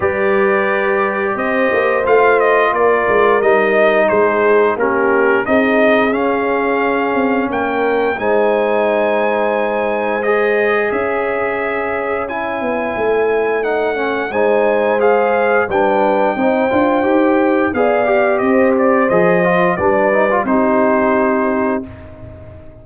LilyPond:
<<
  \new Staff \with { instrumentName = "trumpet" } { \time 4/4 \tempo 4 = 88 d''2 dis''4 f''8 dis''8 | d''4 dis''4 c''4 ais'4 | dis''4 f''2 g''4 | gis''2. dis''4 |
e''2 gis''2 | fis''4 gis''4 f''4 g''4~ | g''2 f''4 dis''8 d''8 | dis''4 d''4 c''2 | }
  \new Staff \with { instrumentName = "horn" } { \time 4/4 b'2 c''2 | ais'2 gis'4 g'4 | gis'2. ais'4 | c''1 |
cis''1~ | cis''4 c''2 b'4 | c''2 d''4 c''4~ | c''4 b'4 g'2 | }
  \new Staff \with { instrumentName = "trombone" } { \time 4/4 g'2. f'4~ | f'4 dis'2 cis'4 | dis'4 cis'2. | dis'2. gis'4~ |
gis'2 e'2 | dis'8 cis'8 dis'4 gis'4 d'4 | dis'8 f'8 g'4 gis'8 g'4. | gis'8 f'8 d'8 dis'16 f'16 dis'2 | }
  \new Staff \with { instrumentName = "tuba" } { \time 4/4 g2 c'8 ais8 a4 | ais8 gis8 g4 gis4 ais4 | c'4 cis'4. c'8 ais4 | gis1 |
cis'2~ cis'8 b8 a4~ | a4 gis2 g4 | c'8 d'8 dis'4 b4 c'4 | f4 g4 c'2 | }
>>